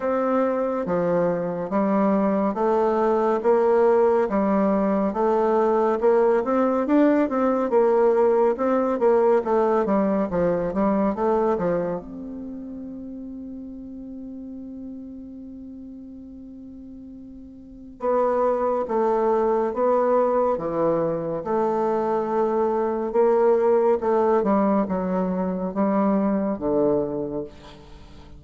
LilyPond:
\new Staff \with { instrumentName = "bassoon" } { \time 4/4 \tempo 4 = 70 c'4 f4 g4 a4 | ais4 g4 a4 ais8 c'8 | d'8 c'8 ais4 c'8 ais8 a8 g8 | f8 g8 a8 f8 c'2~ |
c'1~ | c'4 b4 a4 b4 | e4 a2 ais4 | a8 g8 fis4 g4 d4 | }